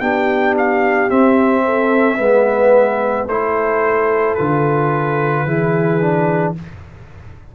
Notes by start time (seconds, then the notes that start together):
0.00 B3 D4 G4 G5
0.58 F5
1.09 C4 E5
1.65 A4
2.16 G#3 B3 B4
3.27 A3 E4 A4 C5
4.35 D3 F4 B4
5.45 E3 E4 G#4
6.01 D4